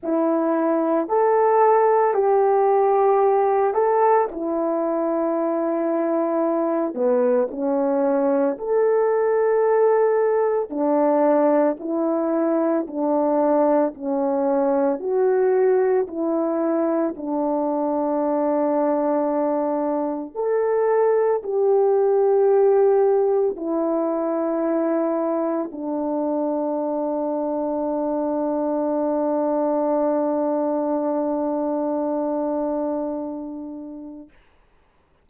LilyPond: \new Staff \with { instrumentName = "horn" } { \time 4/4 \tempo 4 = 56 e'4 a'4 g'4. a'8 | e'2~ e'8 b8 cis'4 | a'2 d'4 e'4 | d'4 cis'4 fis'4 e'4 |
d'2. a'4 | g'2 e'2 | d'1~ | d'1 | }